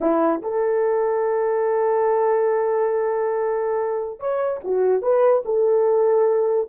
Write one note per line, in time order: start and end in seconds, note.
0.00 0.41 E4
0.41 4.19 A4
4.19 4.60 C#5
4.64 5.02 F#4
5.02 5.43 B4
5.45 6.68 A4